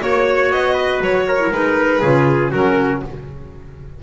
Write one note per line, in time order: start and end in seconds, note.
0.00 0.51 A#3
0.00 1.38 F#4
0.00 0.73 C#5
0.00 0.51 C#5
0.51 1.00 B3
0.51 1.01 D#5
0.73 1.23 B4
1.00 1.50 F#3
1.00 1.52 C#5
1.27 2.01 A#4
1.39 1.51 E4
1.51 2.01 G#3
1.51 2.02 D#4
1.51 2.51 B4
2.01 2.52 C#3
2.01 2.51 F4
2.01 2.51 G#4
2.51 3.02 F#3
2.51 3.01 C#4
2.51 3.01 F#4
2.51 3.01 A#4